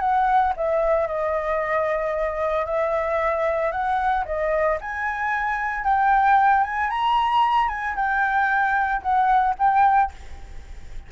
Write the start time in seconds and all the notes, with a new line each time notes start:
0.00 F#5
0.56 E5
1.07 D#5
2.66 E5
3.71 F#5
4.25 D#5
4.81 G#5
5.84 G5
6.64 G#5
6.90 A#5
7.69 G#5
7.96 G5
9.02 F#5
9.58 G5